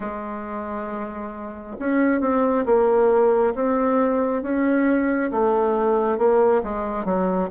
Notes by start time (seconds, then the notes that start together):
0.00 G#3
1.79 C#4
2.20 C4
2.65 A#3
3.55 C4
4.42 C#4
5.31 A3
6.18 A#3
6.63 G#3
7.05 F#3